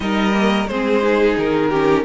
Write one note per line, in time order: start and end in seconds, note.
0.00 0.67 G3
0.00 0.32 D#4
0.00 0.69 A#4
0.00 0.67 D#5
0.32 0.66 A#3
0.67 1.36 G#3
0.67 1.02 C4
0.67 1.69 G#4
0.67 1.35 C5
1.02 1.70 D#4
1.37 2.04 D#3
1.37 2.04 A#4
1.69 2.04 C#4
1.69 2.03 G4